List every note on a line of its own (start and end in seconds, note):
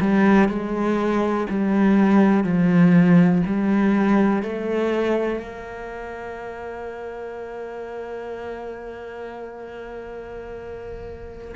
0.00 0.48 G3
0.48 1.47 G#3
1.49 2.44 G3
2.44 3.42 F3
3.46 4.43 G3
4.43 5.40 A3
5.40 11.54 A#3